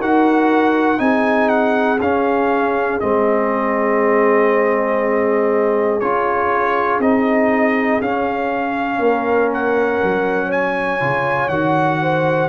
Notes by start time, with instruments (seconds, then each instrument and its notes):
0.00 tuba D#4, trombone F#4, horn A#4, trumpet F#5
0.98 tuba C4, trombone D#4, horn G#4, trumpet G#5
1.49 trumpet F#5
2.00 tuba C#4, trombone C#4, trumpet F5
3.00 tuba G#3, trombone C4, trumpet D#5
6.00 tuba C#4, trombone F4, trumpet C#5
6.99 tuba C4, trombone D#4, trumpet D#5
8.01 tuba C#4, trombone C#4, trumpet F5
8.99 tuba A#3, horn A#4
9.53 trumpet F#5
10.04 tuba F#3
10.47 horn C#5, trumpet G#5
11.00 tuba C#3, trombone F4
11.49 tuba D#3, trombone F#4, trumpet F#5
12.01 horn C5